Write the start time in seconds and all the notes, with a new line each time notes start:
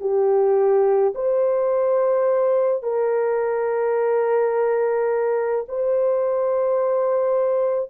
0.00 G4
1.15 C5
2.83 A#4
5.69 C5